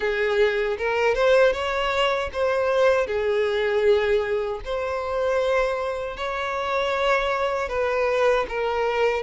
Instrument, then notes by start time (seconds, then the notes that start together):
violin
0.00 G#4
0.78 A#4
1.14 C5
1.52 C#5
2.33 C5
3.06 G#4
4.65 C5
6.16 C#5
7.69 B4
8.48 A#4